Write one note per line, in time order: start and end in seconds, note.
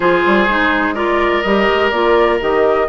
0.00 0.24 F3
0.00 0.48 F4
0.00 0.94 G#4
0.00 0.94 C5
0.26 0.48 G3
0.48 1.44 G#3
0.48 0.94 D#4
0.94 1.42 F4
0.94 2.86 A#4
0.94 1.41 D5
1.41 1.69 G3
1.41 1.93 G4
1.41 1.89 D#5
1.69 1.91 G#3
1.90 2.39 A#3
1.90 2.40 F4
1.90 2.38 D5
2.40 2.88 D#3
2.40 2.88 G4
2.40 2.88 D#5